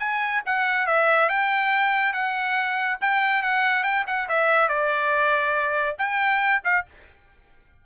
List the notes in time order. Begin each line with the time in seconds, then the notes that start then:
0.00 G#5
0.46 F#5
0.87 E5
1.29 G5
2.13 F#5
3.02 G5
3.43 F#5
3.84 G5
4.07 F#5
4.29 E5
4.69 D5
5.99 G5
6.65 F5